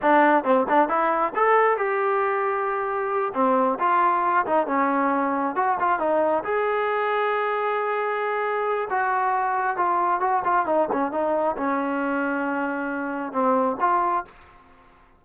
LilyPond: \new Staff \with { instrumentName = "trombone" } { \time 4/4 \tempo 4 = 135 d'4 c'8 d'8 e'4 a'4 | g'2.~ g'8 c'8~ | c'8 f'4. dis'8 cis'4.~ | cis'8 fis'8 f'8 dis'4 gis'4.~ |
gis'1 | fis'2 f'4 fis'8 f'8 | dis'8 cis'8 dis'4 cis'2~ | cis'2 c'4 f'4 | }